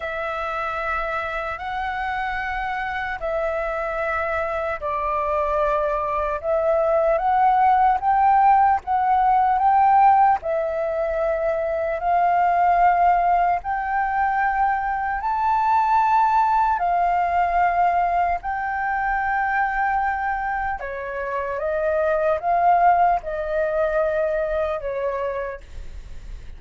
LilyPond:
\new Staff \with { instrumentName = "flute" } { \time 4/4 \tempo 4 = 75 e''2 fis''2 | e''2 d''2 | e''4 fis''4 g''4 fis''4 | g''4 e''2 f''4~ |
f''4 g''2 a''4~ | a''4 f''2 g''4~ | g''2 cis''4 dis''4 | f''4 dis''2 cis''4 | }